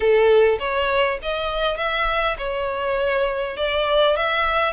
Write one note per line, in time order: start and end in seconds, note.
0.00 0.58 A4
0.59 1.18 C#5
1.22 1.77 D#5
1.77 2.36 E5
2.38 3.56 C#5
3.56 4.16 D5
4.16 4.73 E5